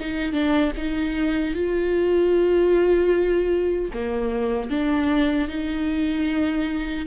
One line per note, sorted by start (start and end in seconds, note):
0.00 0.33 D#4
0.33 0.72 D4
0.77 1.55 D#4
1.55 3.92 F4
3.94 4.70 A#3
4.70 5.49 D4
5.49 7.07 D#4